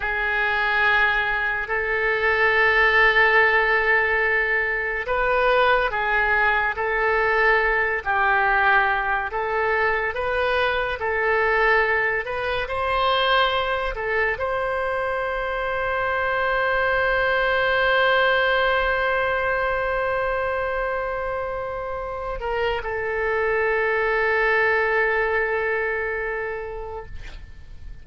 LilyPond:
\new Staff \with { instrumentName = "oboe" } { \time 4/4 \tempo 4 = 71 gis'2 a'2~ | a'2 b'4 gis'4 | a'4. g'4. a'4 | b'4 a'4. b'8 c''4~ |
c''8 a'8 c''2.~ | c''1~ | c''2~ c''8 ais'8 a'4~ | a'1 | }